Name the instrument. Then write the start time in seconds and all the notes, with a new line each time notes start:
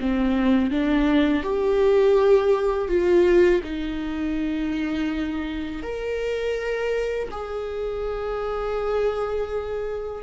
viola
0.00 C4
0.70 D4
1.43 G4
2.88 F4
3.63 D#4
5.82 A#4
7.31 G#4